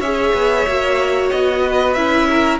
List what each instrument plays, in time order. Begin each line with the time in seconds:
0.00 cello C#4, viola G#4, violin C#5 E5
0.33 cello B3
0.67 cello A#3, viola F#4
1.31 cello B3, violin D#5
1.63 violin B4
1.93 cello C#4, viola E4, violin E5
2.29 violin A#4